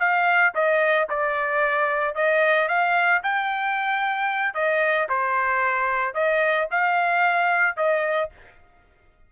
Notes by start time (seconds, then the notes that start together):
0.00 F5
0.55 D#5
1.10 D5
2.15 D#5
2.68 F5
3.23 G5
4.55 D#5
5.09 C5
6.14 D#5
6.71 F5
7.77 D#5